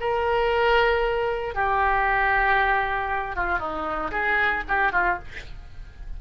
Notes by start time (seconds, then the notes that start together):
0.00 A#4
1.54 G4
3.36 F4
3.59 D#4
4.11 G#4
4.68 G4
4.92 F4